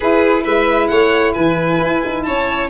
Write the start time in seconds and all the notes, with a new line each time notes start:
0.00 E4 G#4 B4
0.43 G#3 B4 E5
0.87 A3 C#5 F#5
1.33 E3 B4 G#5
1.82 E4
2.05 D#4
2.22 C#4 C#5 A5